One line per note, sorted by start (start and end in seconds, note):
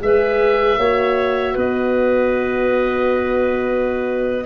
0.00 0.78 G#3
0.00 0.78 G#4
0.00 0.79 B4
0.00 1.59 E5
0.78 1.56 A#3
0.78 4.46 F#4
0.78 1.54 C#5
1.54 4.46 B3
1.54 4.46 B4
1.54 4.46 D#5